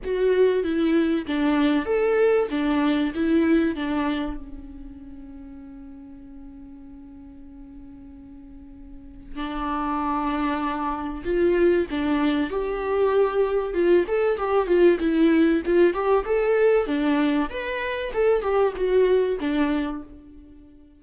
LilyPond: \new Staff \with { instrumentName = "viola" } { \time 4/4 \tempo 4 = 96 fis'4 e'4 d'4 a'4 | d'4 e'4 d'4 cis'4~ | cis'1~ | cis'2. d'4~ |
d'2 f'4 d'4 | g'2 f'8 a'8 g'8 f'8 | e'4 f'8 g'8 a'4 d'4 | b'4 a'8 g'8 fis'4 d'4 | }